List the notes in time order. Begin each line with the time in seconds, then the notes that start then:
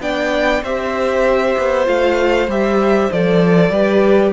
0.00 B3 D4 D5 G5
0.62 C4 G4 C5 E5
1.58 B3
1.85 A3 F4 F5
2.47 G3 G4 E5
3.12 F3 A4 D5
3.70 G3 G4 B4